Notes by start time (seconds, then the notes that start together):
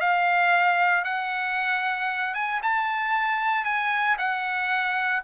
0.00 F5
1.04 F#5
2.34 G#5
2.63 A5
3.65 G#5
4.18 F#5